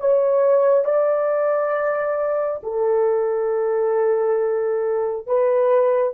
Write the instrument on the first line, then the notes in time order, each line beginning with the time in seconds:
horn
0.00 C#5
0.85 D5
2.63 A4
5.27 B4